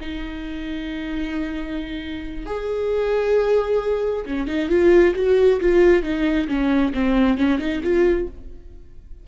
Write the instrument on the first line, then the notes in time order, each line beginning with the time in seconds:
viola
0.00 D#4
2.46 G#4
4.25 C#4
4.47 D#4
4.69 F4
5.15 F#4
5.60 F4
6.02 D#4
6.48 C#4
6.93 C4
7.37 C#4
7.59 D#4
7.83 F4